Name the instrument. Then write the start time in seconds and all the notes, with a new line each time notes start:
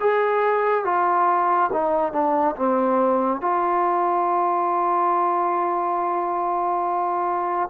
trombone
0.00 G#4
0.85 F4
1.73 D#4
2.12 D4
2.56 C4
3.41 F4